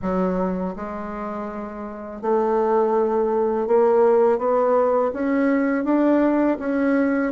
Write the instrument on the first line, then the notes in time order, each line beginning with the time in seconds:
bassoon
0.02 F#3
0.75 G#3
2.21 A3
3.67 A#3
4.38 B3
5.13 C#4
5.84 D4
6.59 C#4